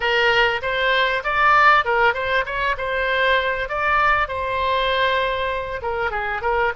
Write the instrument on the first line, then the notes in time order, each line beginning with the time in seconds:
oboe
0.00 A#4
0.62 C5
1.23 D5
1.85 A#4
2.14 C5
2.45 C#5
2.77 C5
3.68 D5
4.27 C5
5.82 A#4
6.11 G#4
6.41 A#4